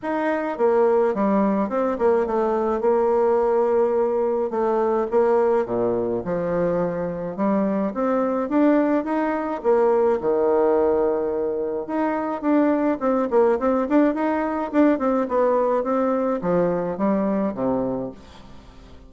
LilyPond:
\new Staff \with { instrumentName = "bassoon" } { \time 4/4 \tempo 4 = 106 dis'4 ais4 g4 c'8 ais8 | a4 ais2. | a4 ais4 ais,4 f4~ | f4 g4 c'4 d'4 |
dis'4 ais4 dis2~ | dis4 dis'4 d'4 c'8 ais8 | c'8 d'8 dis'4 d'8 c'8 b4 | c'4 f4 g4 c4 | }